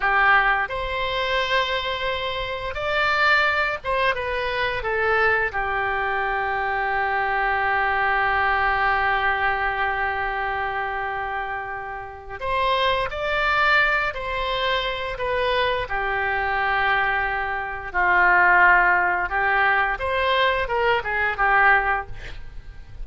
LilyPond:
\new Staff \with { instrumentName = "oboe" } { \time 4/4 \tempo 4 = 87 g'4 c''2. | d''4. c''8 b'4 a'4 | g'1~ | g'1~ |
g'2 c''4 d''4~ | d''8 c''4. b'4 g'4~ | g'2 f'2 | g'4 c''4 ais'8 gis'8 g'4 | }